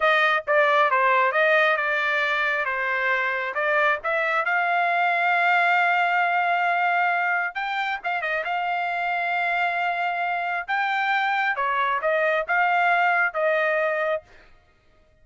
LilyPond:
\new Staff \with { instrumentName = "trumpet" } { \time 4/4 \tempo 4 = 135 dis''4 d''4 c''4 dis''4 | d''2 c''2 | d''4 e''4 f''2~ | f''1~ |
f''4 g''4 f''8 dis''8 f''4~ | f''1 | g''2 cis''4 dis''4 | f''2 dis''2 | }